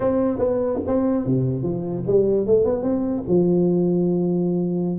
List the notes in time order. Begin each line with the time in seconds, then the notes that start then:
0.00 C4
0.38 B3
0.86 C4
1.25 C3
1.62 F3
2.06 G3
2.46 A3
2.65 B3
2.82 C4
3.27 F3